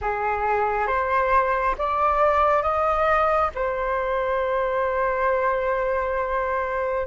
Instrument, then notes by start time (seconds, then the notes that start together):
flute
0.01 G#4
0.87 C5
1.78 D5
2.62 D#5
3.54 C5